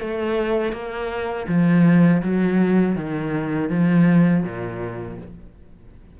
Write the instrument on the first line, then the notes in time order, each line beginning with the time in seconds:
cello
0.00 A3
0.72 A#3
1.48 F3
2.22 F#3
2.95 D#3
3.69 F3
4.43 A#2